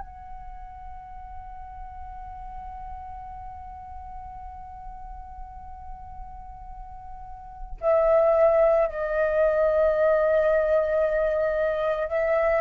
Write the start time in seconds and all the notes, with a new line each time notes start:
0.00 F#5
7.81 E5
8.87 D#5
12.08 E5